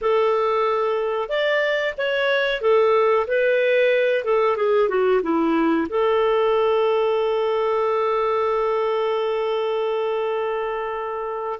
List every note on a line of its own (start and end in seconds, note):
0.01 1.28 A4
1.28 1.94 D5
1.97 2.61 C#5
2.61 3.26 A4
3.27 4.24 B4
4.24 4.56 A4
4.56 4.88 G#4
4.88 5.21 F#4
5.22 5.87 E4
5.89 11.59 A4